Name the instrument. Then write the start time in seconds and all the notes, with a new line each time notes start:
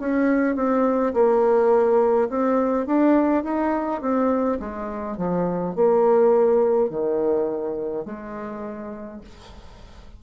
bassoon
0.00 C#4
0.56 C4
1.14 A#3
2.30 C4
2.86 D4
3.44 D#4
4.02 C4
4.59 G#3
5.18 F3
5.75 A#3
6.90 D#3
8.06 G#3